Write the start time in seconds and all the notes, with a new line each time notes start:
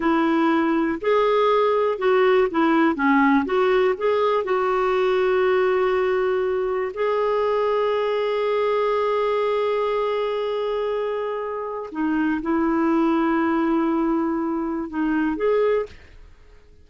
0.00 E4
1.01 G#4
1.98 F#4
2.50 E4
2.95 C#4
3.45 F#4
3.97 G#4
4.44 F#4
6.94 G#4
11.91 D#4
12.41 E4
14.89 D#4
15.36 G#4